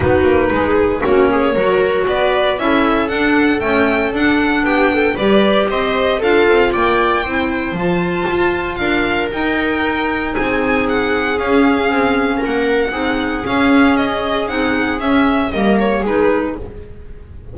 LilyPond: <<
  \new Staff \with { instrumentName = "violin" } { \time 4/4 \tempo 4 = 116 b'2 cis''2 | d''4 e''4 fis''4 g''4 | fis''4 g''4 d''4 dis''4 | f''4 g''2 a''4~ |
a''4 f''4 g''2 | gis''4 fis''4 f''2 | fis''2 f''4 dis''4 | fis''4 e''4 dis''8 cis''8 b'4 | }
  \new Staff \with { instrumentName = "viola" } { \time 4/4 fis'4 gis'4 fis'8 gis'8 ais'4 | b'4 a'2.~ | a'4 g'8 a'8 b'4 c''4 | a'4 d''4 c''2~ |
c''4 ais'2. | gis'1 | ais'4 gis'2.~ | gis'2 ais'4 gis'4 | }
  \new Staff \with { instrumentName = "clarinet" } { \time 4/4 dis'2 cis'4 fis'4~ | fis'4 e'4 d'4 a4 | d'2 g'2 | f'2 e'4 f'4~ |
f'2 dis'2~ | dis'2 cis'2~ | cis'4 dis'4 cis'2 | dis'4 cis'4 ais4 dis'4 | }
  \new Staff \with { instrumentName = "double bass" } { \time 4/4 b8 ais8 gis4 ais4 fis4 | b4 cis'4 d'4 cis'4 | d'4 b4 g4 c'4 | d'8 c'8 ais4 c'4 f4 |
f'4 d'4 dis'2 | c'2 cis'4 c'4 | ais4 c'4 cis'2 | c'4 cis'4 g4 gis4 | }
>>